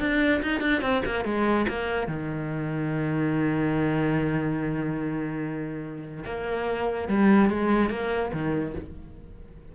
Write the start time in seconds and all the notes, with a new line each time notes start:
0.00 D4
0.42 D#4
0.61 D4
0.82 C4
1.06 A#3
1.25 G#3
1.69 A#3
2.08 D#3
6.26 A#3
7.09 G3
7.50 G#3
7.90 A#3
8.34 D#3